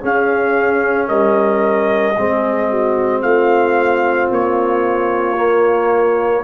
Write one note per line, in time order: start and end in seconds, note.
0.00 2.14 C#4
0.00 1.09 C#4
0.00 1.08 G#4
0.00 1.08 F5
1.08 2.16 G3
1.08 2.15 A#4
1.08 3.22 D#5
2.17 3.22 G#3
2.17 5.36 C4
2.17 2.71 G#4
2.71 3.23 F#4
3.22 4.29 A3
3.22 6.44 F4
3.22 4.29 F5
4.31 6.44 A#3
4.31 6.44 C#5
5.36 6.44 A#3